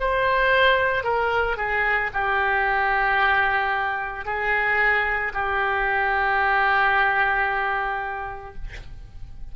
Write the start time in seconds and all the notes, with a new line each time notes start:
0.00 C5
1.03 A#4
1.56 G#4
2.13 G4
4.25 G#4
5.33 G4